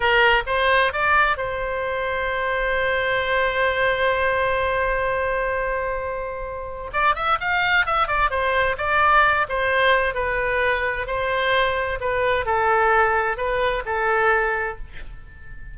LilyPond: \new Staff \with { instrumentName = "oboe" } { \time 4/4 \tempo 4 = 130 ais'4 c''4 d''4 c''4~ | c''1~ | c''1~ | c''2. d''8 e''8 |
f''4 e''8 d''8 c''4 d''4~ | d''8 c''4. b'2 | c''2 b'4 a'4~ | a'4 b'4 a'2 | }